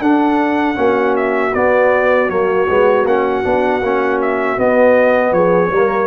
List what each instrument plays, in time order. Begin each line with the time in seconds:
0.00 tuba D4, trombone D4, horn A4, trumpet F#5
0.75 tuba A#3, trombone C#4, horn F#4
1.16 trumpet E5
1.54 tuba B3, trombone B3, trumpet D5
2.29 tuba F#3, trombone A#3, trumpet C#5
2.68 tuba G#3, trombone B3
3.05 tuba A#3, trombone C#4, trumpet F#5
3.43 tuba B3, trombone D4
3.81 tuba A#3, trombone C#4
4.21 trumpet E5
4.57 trombone B3, tuba B3, trumpet D#5
5.32 tuba F3, horn G#4, trumpet C#5
5.71 tuba G3, trombone A#3, horn A#4